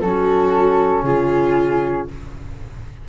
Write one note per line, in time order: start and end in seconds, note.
0.00 1.03 F#3
0.00 2.08 C#4
0.00 1.05 F#4
0.00 1.03 A4
1.03 2.06 C#3
1.03 2.08 F4
1.03 2.08 G#4